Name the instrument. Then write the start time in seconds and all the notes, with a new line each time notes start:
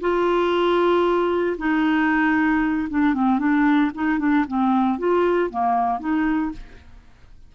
clarinet
0.00 F4
1.58 D#4
2.89 D4
3.14 C4
3.38 D4
3.94 D#4
4.19 D4
4.47 C4
4.98 F4
5.49 A#3
5.99 D#4